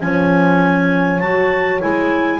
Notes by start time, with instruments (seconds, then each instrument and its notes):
0.00 double bass F3, clarinet C#4 G#5, horn C#5
1.19 double bass F#3, clarinet F#4 A5
1.80 double bass G#3, clarinet E4 G#5